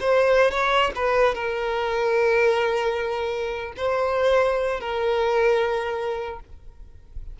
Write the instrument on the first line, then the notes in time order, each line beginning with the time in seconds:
violin
0.00 C5
0.51 C#5
0.95 B4
1.34 A#4
3.77 C5
4.80 A#4